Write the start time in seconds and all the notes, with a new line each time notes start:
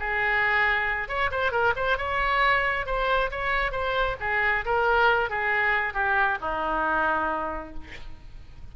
0.00 G#4
1.08 C#5
1.31 C5
1.52 A#4
1.77 C5
1.98 C#5
2.86 C5
3.31 C#5
3.72 C5
4.21 G#4
4.65 A#4
5.30 G#4
5.94 G4
6.41 D#4